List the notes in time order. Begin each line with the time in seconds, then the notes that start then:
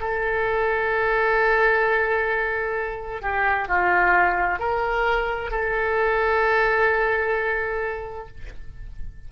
0.00 A4
3.21 G4
3.68 F4
4.59 A#4
5.50 A4